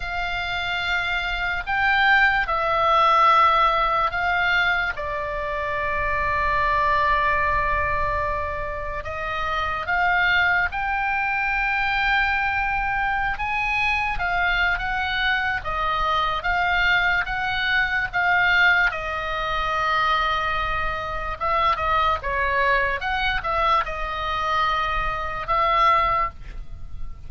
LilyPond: \new Staff \with { instrumentName = "oboe" } { \time 4/4 \tempo 4 = 73 f''2 g''4 e''4~ | e''4 f''4 d''2~ | d''2. dis''4 | f''4 g''2.~ |
g''16 gis''4 f''8. fis''4 dis''4 | f''4 fis''4 f''4 dis''4~ | dis''2 e''8 dis''8 cis''4 | fis''8 e''8 dis''2 e''4 | }